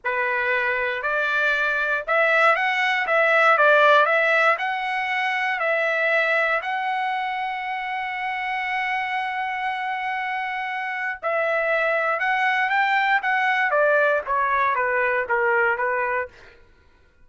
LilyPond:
\new Staff \with { instrumentName = "trumpet" } { \time 4/4 \tempo 4 = 118 b'2 d''2 | e''4 fis''4 e''4 d''4 | e''4 fis''2 e''4~ | e''4 fis''2.~ |
fis''1~ | fis''2 e''2 | fis''4 g''4 fis''4 d''4 | cis''4 b'4 ais'4 b'4 | }